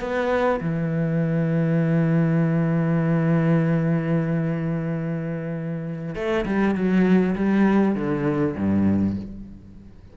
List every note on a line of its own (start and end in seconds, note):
0.00 0.60 B3
0.60 6.15 E3
6.15 6.45 A3
6.45 6.75 G3
6.75 7.35 F#3
7.35 7.95 G3
7.95 8.55 D3
8.56 9.16 G2